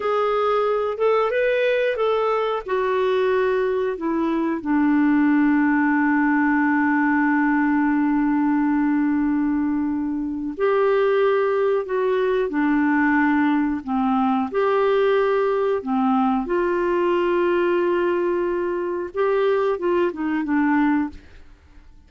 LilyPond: \new Staff \with { instrumentName = "clarinet" } { \time 4/4 \tempo 4 = 91 gis'4. a'8 b'4 a'4 | fis'2 e'4 d'4~ | d'1~ | d'1 |
g'2 fis'4 d'4~ | d'4 c'4 g'2 | c'4 f'2.~ | f'4 g'4 f'8 dis'8 d'4 | }